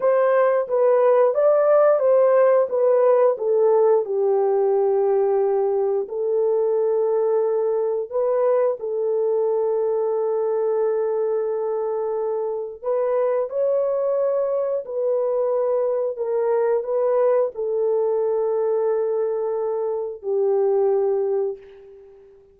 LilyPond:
\new Staff \with { instrumentName = "horn" } { \time 4/4 \tempo 4 = 89 c''4 b'4 d''4 c''4 | b'4 a'4 g'2~ | g'4 a'2. | b'4 a'2.~ |
a'2. b'4 | cis''2 b'2 | ais'4 b'4 a'2~ | a'2 g'2 | }